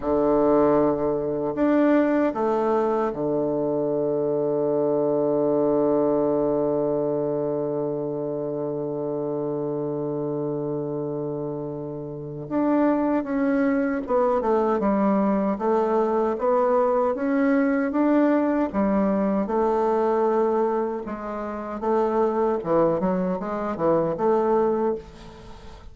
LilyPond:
\new Staff \with { instrumentName = "bassoon" } { \time 4/4 \tempo 4 = 77 d2 d'4 a4 | d1~ | d1~ | d1 |
d'4 cis'4 b8 a8 g4 | a4 b4 cis'4 d'4 | g4 a2 gis4 | a4 e8 fis8 gis8 e8 a4 | }